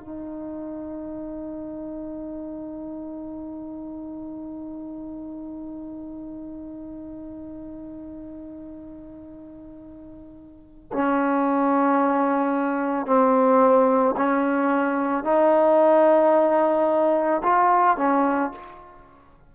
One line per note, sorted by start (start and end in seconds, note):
0.00 10.91 D#4
10.92 13.06 C#4
13.06 14.15 C4
14.17 15.24 C#4
15.24 17.42 D#4
17.43 17.97 F4
17.97 18.52 C#4